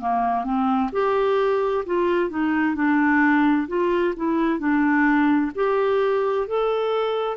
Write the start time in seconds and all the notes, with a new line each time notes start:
0.00 A#3
0.44 C4
0.92 G4
1.85 F4
2.30 D#4
2.75 D4
3.68 F4
4.16 E4
4.59 D4
5.55 G4
6.47 A4